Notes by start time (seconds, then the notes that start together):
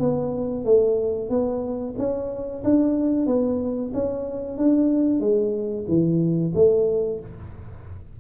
0.00 B3
0.65 A3
1.30 B3
1.98 C#4
2.64 D4
3.27 B3
3.94 C#4
4.58 D4
5.20 G#3
5.88 E3
6.55 A3